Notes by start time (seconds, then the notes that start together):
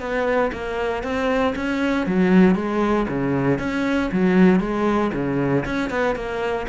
0.00 B3
0.52 A#3
1.03 C4
1.56 C#4
2.07 F#3
2.55 G#3
3.08 C#3
3.59 C#4
4.12 F#3
4.60 G#3
5.14 C#3
5.65 C#4
5.90 B3
6.16 A#3